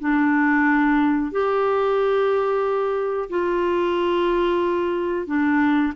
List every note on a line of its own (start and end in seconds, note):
0.00 1.32 D4
1.32 3.30 G4
3.30 5.27 F4
5.27 5.93 D4